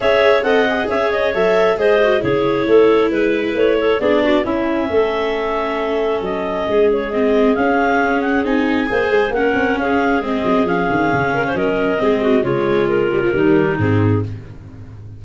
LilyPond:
<<
  \new Staff \with { instrumentName = "clarinet" } { \time 4/4 \tempo 4 = 135 e''4 fis''4 e''8 dis''8 e''4 | dis''4 cis''2 b'4 | cis''4 d''4 e''2~ | e''2 dis''4. cis''8 |
dis''4 f''4. fis''8 gis''4~ | gis''4 fis''4 f''4 dis''4 | f''2 dis''2 | cis''4 ais'2 gis'4 | }
  \new Staff \with { instrumentName = "clarinet" } { \time 4/4 cis''4 dis''4 cis''2 | c''4 gis'4 a'4 b'4~ | b'8 a'8 gis'8 fis'8 e'4 a'4~ | a'2. gis'4~ |
gis'1 | c''4 ais'4 gis'2~ | gis'4. ais'16 c''16 ais'4 gis'8 fis'8 | f'2 dis'2 | }
  \new Staff \with { instrumentName = "viola" } { \time 4/4 gis'4 a'8 gis'4. a'4 | gis'8 fis'8 e'2.~ | e'4 d'4 cis'2~ | cis'1 |
c'4 cis'2 dis'4 | gis'4 cis'2 c'4 | cis'2. c'4 | gis4. g16 f16 g4 c'4 | }
  \new Staff \with { instrumentName = "tuba" } { \time 4/4 cis'4 c'4 cis'4 fis4 | gis4 cis4 a4 gis4 | a4 b4 cis'4 a4~ | a2 fis4 gis4~ |
gis4 cis'2 c'4 | ais8 gis8 ais8 c'8 cis'4 gis8 fis8 | f8 dis8 cis4 fis4 gis4 | cis2 dis4 gis,4 | }
>>